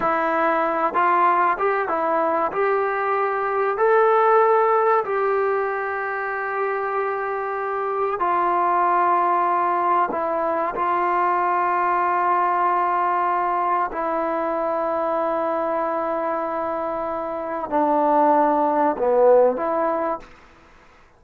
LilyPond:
\new Staff \with { instrumentName = "trombone" } { \time 4/4 \tempo 4 = 95 e'4. f'4 g'8 e'4 | g'2 a'2 | g'1~ | g'4 f'2. |
e'4 f'2.~ | f'2 e'2~ | e'1 | d'2 b4 e'4 | }